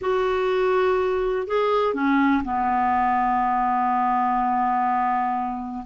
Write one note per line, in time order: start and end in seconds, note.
0.01 1.47 F#4
1.47 1.94 G#4
1.94 2.42 C#4
2.43 5.85 B3